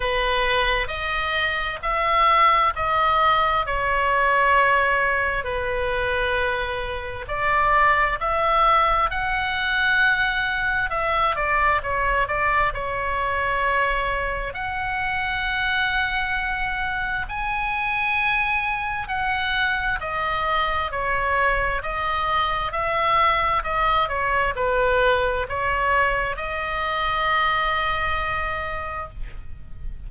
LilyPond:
\new Staff \with { instrumentName = "oboe" } { \time 4/4 \tempo 4 = 66 b'4 dis''4 e''4 dis''4 | cis''2 b'2 | d''4 e''4 fis''2 | e''8 d''8 cis''8 d''8 cis''2 |
fis''2. gis''4~ | gis''4 fis''4 dis''4 cis''4 | dis''4 e''4 dis''8 cis''8 b'4 | cis''4 dis''2. | }